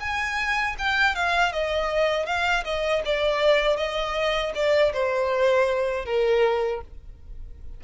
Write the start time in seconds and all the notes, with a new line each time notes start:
0.00 G#5
0.78 G5
1.15 F5
1.52 D#5
2.26 F5
2.64 D#5
3.05 D5
3.77 D#5
4.54 D5
4.93 C5
6.05 A#4